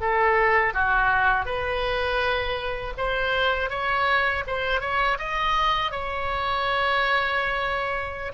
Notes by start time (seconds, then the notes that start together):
0.00 A4
0.74 F#4
1.45 B4
2.97 C5
3.69 C#5
4.47 C5
4.80 C#5
5.18 D#5
5.91 C#5